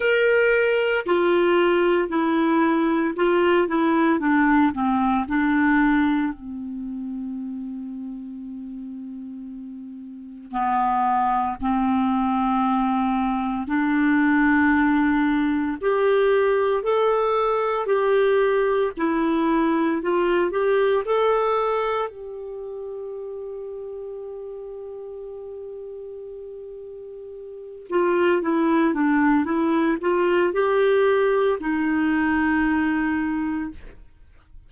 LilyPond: \new Staff \with { instrumentName = "clarinet" } { \time 4/4 \tempo 4 = 57 ais'4 f'4 e'4 f'8 e'8 | d'8 c'8 d'4 c'2~ | c'2 b4 c'4~ | c'4 d'2 g'4 |
a'4 g'4 e'4 f'8 g'8 | a'4 g'2.~ | g'2~ g'8 f'8 e'8 d'8 | e'8 f'8 g'4 dis'2 | }